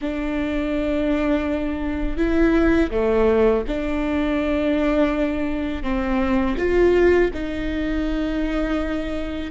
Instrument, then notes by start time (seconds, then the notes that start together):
viola
0.01 D4
2.17 E4
2.90 A3
3.68 D4
5.82 C4
6.57 F4
7.33 D#4